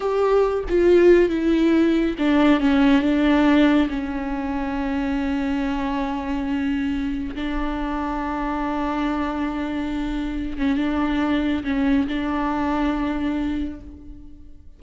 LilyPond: \new Staff \with { instrumentName = "viola" } { \time 4/4 \tempo 4 = 139 g'4. f'4. e'4~ | e'4 d'4 cis'4 d'4~ | d'4 cis'2.~ | cis'1~ |
cis'4 d'2.~ | d'1~ | d'8 cis'8 d'2 cis'4 | d'1 | }